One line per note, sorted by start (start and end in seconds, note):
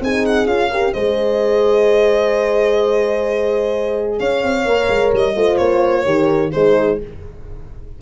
0.00 0.45 C4
0.00 0.47 D#4
0.00 0.70 G#4
0.00 0.25 G#5
0.25 0.46 F#5
0.45 0.92 C#4
0.45 0.70 F4
0.45 0.93 F5
0.70 0.96 G4
0.70 0.93 A#4
0.93 4.19 G#3
0.93 4.67 G#4
0.93 4.18 C5
0.93 4.18 D#5
4.18 4.42 C#4
4.18 5.35 C#5
4.18 5.11 F5
4.43 4.65 C4
4.65 4.88 A#3
4.65 5.36 A#4
4.89 5.12 G#3
5.12 5.35 G3
5.12 5.57 D#5
5.35 5.58 A3
5.35 6.05 F4
5.35 6.05 C5
5.57 6.05 A#3
5.57 6.50 C#5
6.05 6.52 D#3
6.05 6.51 G4
6.05 6.52 A#4
6.52 7.01 G#3
6.52 7.01 D#4
6.52 6.98 G#4
6.52 6.98 C5